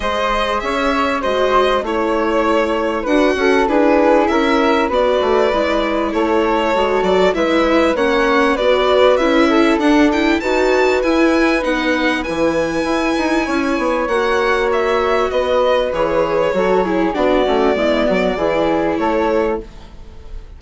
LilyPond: <<
  \new Staff \with { instrumentName = "violin" } { \time 4/4 \tempo 4 = 98 dis''4 e''4 dis''4 cis''4~ | cis''4 fis''4 b'4 e''4 | d''2 cis''4. d''8 | e''4 fis''4 d''4 e''4 |
fis''8 g''8 a''4 gis''4 fis''4 | gis''2. fis''4 | e''4 dis''4 cis''2 | d''2. cis''4 | }
  \new Staff \with { instrumentName = "flute" } { \time 4/4 c''4 cis''4 c''4 cis''4~ | cis''4 b'8 a'8 gis'4 ais'4 | b'2 a'2 | b'4 cis''4 b'4. a'8~ |
a'4 b'2.~ | b'2 cis''2~ | cis''4 b'2 a'8 gis'8 | fis'4 e'8 fis'8 gis'4 a'4 | }
  \new Staff \with { instrumentName = "viola" } { \time 4/4 gis'2 fis'4 e'4~ | e'4 fis'4 e'2 | fis'4 e'2 fis'4 | e'4 cis'4 fis'4 e'4 |
d'8 e'8 fis'4 e'4 dis'4 | e'2. fis'4~ | fis'2 gis'4 fis'8 e'8 | d'8 cis'8 b4 e'2 | }
  \new Staff \with { instrumentName = "bassoon" } { \time 4/4 gis4 cis'4 gis4 a4~ | a4 d'8 cis'8 d'4 cis'4 | b8 a8 gis4 a4 gis8 fis8 | gis4 ais4 b4 cis'4 |
d'4 dis'4 e'4 b4 | e4 e'8 dis'8 cis'8 b8 ais4~ | ais4 b4 e4 fis4 | b8 a8 gis8 fis8 e4 a4 | }
>>